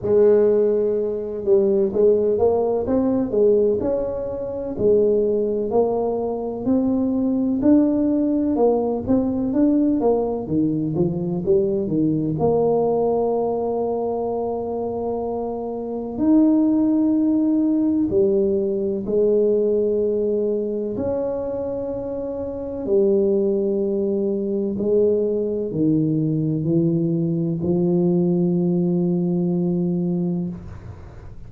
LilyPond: \new Staff \with { instrumentName = "tuba" } { \time 4/4 \tempo 4 = 63 gis4. g8 gis8 ais8 c'8 gis8 | cis'4 gis4 ais4 c'4 | d'4 ais8 c'8 d'8 ais8 dis8 f8 | g8 dis8 ais2.~ |
ais4 dis'2 g4 | gis2 cis'2 | g2 gis4 dis4 | e4 f2. | }